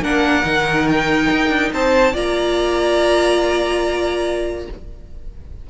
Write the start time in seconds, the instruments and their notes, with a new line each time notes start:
0.00 cello A#3, viola D4, violin A#4 F#5
0.43 cello D#3, viola D#4
0.88 violin G5
1.30 cello D#4
1.49 cello D4
1.72 cello C4, violin C5 A5
2.13 cello A#3, viola F4, violin D5 A#5